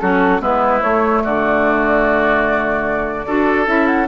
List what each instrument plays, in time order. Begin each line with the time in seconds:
0.00 bassoon F#3, clarinet C#4, oboe F#4, flute A4
0.40 bassoon G#3, clarinet B3, oboe E4, flute B4
0.81 clarinet A3, bassoon A3, flute C#5
1.23 bassoon D3, oboe F#4, flute D5
3.26 bassoon D4, clarinet F#4, oboe A4
3.66 bassoon C#4, clarinet E4, flute E5
3.87 flute F#5